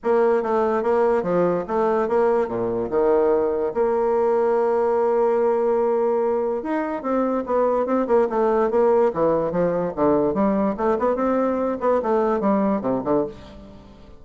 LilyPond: \new Staff \with { instrumentName = "bassoon" } { \time 4/4 \tempo 4 = 145 ais4 a4 ais4 f4 | a4 ais4 ais,4 dis4~ | dis4 ais2.~ | ais1 |
dis'4 c'4 b4 c'8 ais8 | a4 ais4 e4 f4 | d4 g4 a8 b8 c'4~ | c'8 b8 a4 g4 c8 d8 | }